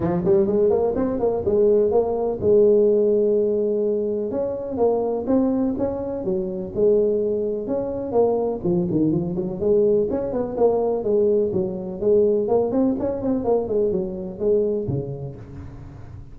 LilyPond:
\new Staff \with { instrumentName = "tuba" } { \time 4/4 \tempo 4 = 125 f8 g8 gis8 ais8 c'8 ais8 gis4 | ais4 gis2.~ | gis4 cis'4 ais4 c'4 | cis'4 fis4 gis2 |
cis'4 ais4 f8 dis8 f8 fis8 | gis4 cis'8 b8 ais4 gis4 | fis4 gis4 ais8 c'8 cis'8 c'8 | ais8 gis8 fis4 gis4 cis4 | }